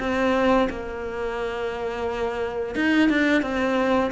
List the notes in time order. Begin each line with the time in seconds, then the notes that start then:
0.00 C4
0.70 A#3
2.75 D#4
3.09 D4
3.42 C4